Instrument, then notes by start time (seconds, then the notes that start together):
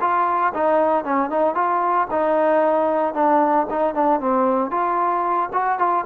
trombone
0.00 F4
0.54 D#4
1.04 C#4
1.29 D#4
1.55 F4
2.11 D#4
3.14 D4
3.70 D#4
3.94 D4
4.20 C4
4.70 F4
5.53 F#4
5.78 F4